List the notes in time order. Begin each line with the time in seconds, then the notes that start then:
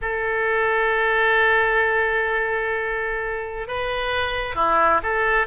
0.01 A4
3.67 B4
4.55 E4
5.03 A4